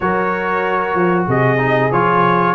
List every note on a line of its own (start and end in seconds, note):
0.00 0.94 F#3
0.00 1.57 F#4
0.00 1.27 A#4
0.00 1.24 C#5
0.94 1.26 F3
1.27 1.91 C3
1.27 2.55 G#4
1.27 1.91 D#5
1.57 1.89 D#4
1.91 2.55 F3
1.91 2.55 F4
1.91 2.55 C#5